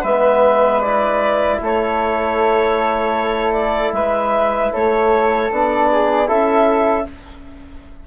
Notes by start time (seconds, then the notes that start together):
0.00 G#3 B3 B4 E5
0.81 E4 D5
1.60 A3 A4 C#5
3.53 D5
3.92 G#3 B4 E5
4.72 A3 A4 C#5
5.51 B3 D4 D5
5.91 G#4
6.26 C#4 E4 A4 E5